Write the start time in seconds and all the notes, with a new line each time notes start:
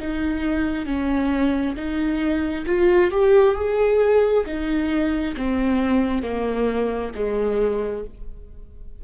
0.00 D#4
0.86 C#4
1.76 D#4
2.67 F4
3.11 G4
3.56 G#4
4.46 D#4
5.37 C4
6.23 A#3
7.15 G#3